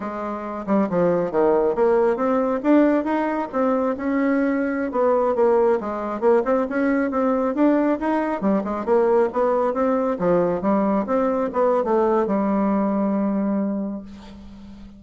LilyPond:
\new Staff \with { instrumentName = "bassoon" } { \time 4/4 \tempo 4 = 137 gis4. g8 f4 dis4 | ais4 c'4 d'4 dis'4 | c'4 cis'2~ cis'16 b8.~ | b16 ais4 gis4 ais8 c'8 cis'8.~ |
cis'16 c'4 d'4 dis'4 g8 gis16~ | gis16 ais4 b4 c'4 f8.~ | f16 g4 c'4 b8. a4 | g1 | }